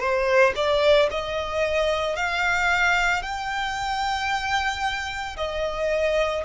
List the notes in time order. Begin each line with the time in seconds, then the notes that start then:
0.00 C5
0.56 D5
1.12 D#5
2.16 F5
3.23 G5
5.37 D#5